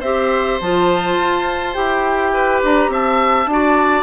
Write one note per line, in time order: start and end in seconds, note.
0.00 0.59 C4
0.00 0.61 G4
0.00 2.31 C5
0.00 0.59 E5
0.60 1.18 F3
0.60 1.73 F4
0.60 1.74 A5
1.18 1.75 F4
1.73 2.62 E4
1.73 3.46 G4
1.73 2.60 G5
2.33 2.91 B4
2.63 2.88 D4
2.63 2.93 A#5
2.88 3.46 C4
2.88 3.49 E5
2.88 4.03 A5
3.46 4.03 D4
3.46 4.03 F#4
3.52 4.03 D5